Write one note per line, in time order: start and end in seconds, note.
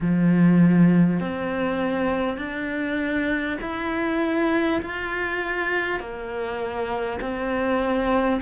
0.00 1.20 F3
1.20 2.37 C4
2.37 3.57 D4
3.61 4.81 E4
4.82 5.99 F4
5.99 7.19 A#3
7.21 8.41 C4